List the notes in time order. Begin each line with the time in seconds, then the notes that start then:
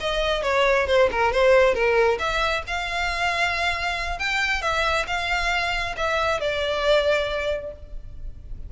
0.00 D#5
0.43 C#5
0.87 C5
1.11 A#4
1.32 C5
1.74 A#4
2.19 E5
2.67 F5
4.19 G5
4.62 E5
5.07 F5
5.96 E5
6.40 D5